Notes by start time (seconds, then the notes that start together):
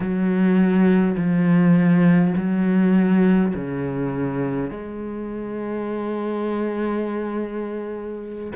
0.00 F#3
1.17 F3
2.36 F#3
3.55 C#3
4.70 G#3